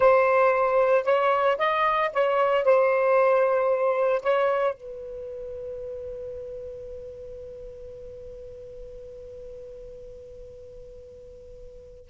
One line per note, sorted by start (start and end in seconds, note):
0.00 1.04 C5
1.04 1.57 C#5
1.58 2.10 D#5
2.13 2.64 C#5
2.64 4.22 C5
4.22 4.74 C#5
4.74 12.09 B4